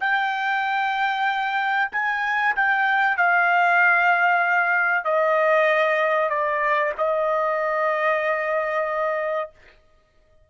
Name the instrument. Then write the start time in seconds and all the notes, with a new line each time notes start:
trumpet
0.00 G5
1.92 G#5
2.56 G5
3.17 F5
5.04 D#5
6.29 D5
6.97 D#5